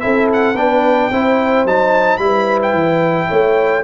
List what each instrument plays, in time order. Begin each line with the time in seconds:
0.00 tuba C4, trombone E4, horn A4, trumpet E5
0.33 trumpet F#5
0.55 tuba B3, trombone D4, horn B4, trumpet G5
1.10 tuba C4, trombone E4, horn C5
1.65 tuba F#3, trombone D#4, trumpet A5
2.18 tuba G3, trombone E4, trumpet B5
2.24 horn B4
2.62 trumpet G5
2.73 tuba E3
3.28 tuba A3, horn C#5